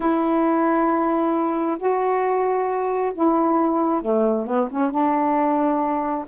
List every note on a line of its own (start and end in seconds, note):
0.00 1.77 E4
1.78 3.12 F#4
3.14 4.01 E4
4.01 4.46 A3
4.46 4.68 B3
4.70 4.91 C#4
4.91 6.25 D4